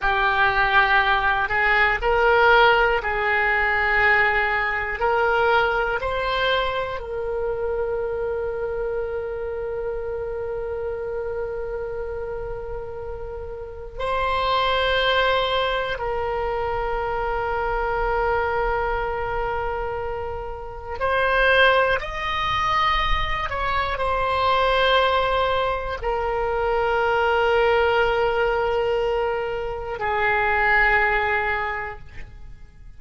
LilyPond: \new Staff \with { instrumentName = "oboe" } { \time 4/4 \tempo 4 = 60 g'4. gis'8 ais'4 gis'4~ | gis'4 ais'4 c''4 ais'4~ | ais'1~ | ais'2 c''2 |
ais'1~ | ais'4 c''4 dis''4. cis''8 | c''2 ais'2~ | ais'2 gis'2 | }